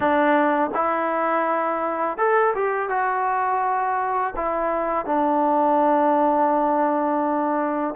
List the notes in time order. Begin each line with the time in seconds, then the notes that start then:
0.00 D4
0.74 E4
2.17 A4
2.54 G4
2.89 F#4
4.35 E4
5.05 D4